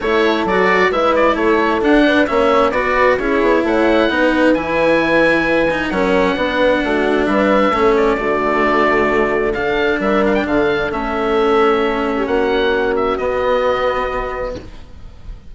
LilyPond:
<<
  \new Staff \with { instrumentName = "oboe" } { \time 4/4 \tempo 4 = 132 cis''4 d''4 e''8 d''8 cis''4 | fis''4 e''4 d''4 cis''4 | fis''2 gis''2~ | gis''4 fis''2. |
e''4. d''2~ d''8~ | d''4 f''4 e''8 f''16 g''16 f''4 | e''2. fis''4~ | fis''8 e''8 dis''2. | }
  \new Staff \with { instrumentName = "horn" } { \time 4/4 a'2 b'4 a'4~ | a'8 b'8 cis''4 b'4 gis'4 | cis''4 b'2.~ | b'4 ais'4 b'4 fis'4 |
b'4 a'4 fis'2~ | fis'4 a'4 ais'4 a'4~ | a'2~ a'8. g'16 fis'4~ | fis'1 | }
  \new Staff \with { instrumentName = "cello" } { \time 4/4 e'4 fis'4 e'2 | d'4 cis'4 fis'4 e'4~ | e'4 dis'4 e'2~ | e'8 dis'8 cis'4 d'2~ |
d'4 cis'4 a2~ | a4 d'2. | cis'1~ | cis'4 b2. | }
  \new Staff \with { instrumentName = "bassoon" } { \time 4/4 a4 fis4 gis4 a4 | d'4 ais4 b4 cis'8 b8 | a4 b4 e2~ | e4 fis4 b4 a4 |
g4 a4 d2~ | d2 g4 d4 | a2. ais4~ | ais4 b2. | }
>>